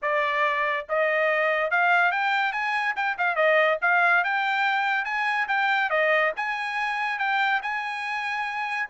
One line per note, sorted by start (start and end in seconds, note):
0.02 0.86 D5
0.88 1.70 D#5
1.70 2.11 F5
2.11 2.52 G5
2.52 2.94 G#5
2.96 3.17 G5
3.17 3.35 F5
3.35 3.78 D#5
3.81 4.23 F5
4.23 5.04 G5
5.04 5.47 G#5
5.48 5.89 G5
5.89 6.32 D#5
6.36 7.18 G#5
7.18 7.61 G5
7.62 8.89 G#5